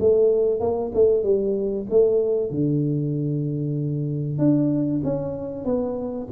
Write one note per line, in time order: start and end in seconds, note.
0.00 0.60 A3
0.60 0.92 A#3
0.94 1.23 A3
1.23 1.86 G3
1.90 2.51 A3
2.51 4.39 D3
4.39 5.02 D4
5.04 5.65 C#4
5.65 6.28 B3